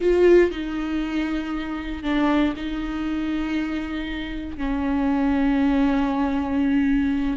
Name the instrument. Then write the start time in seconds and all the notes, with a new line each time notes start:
viola
0.00 F4
0.51 D#4
2.03 D4
2.56 D#4
4.57 C#4